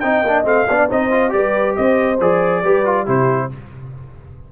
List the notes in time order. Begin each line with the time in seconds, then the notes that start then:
0.00 C4 D#4 D#5 G5
0.23 A#3 D4
0.45 A3 C4 F5
0.68 B3 D4 D5
0.90 C4 D#4 C5 D#5
1.12 F4
1.30 G3 G4 B4 D5
1.76 C4 C5 D#5
2.20 F3 G#4 D5
2.63 G3 G4 B4
2.85 F4
3.05 C3 E4 G4 C5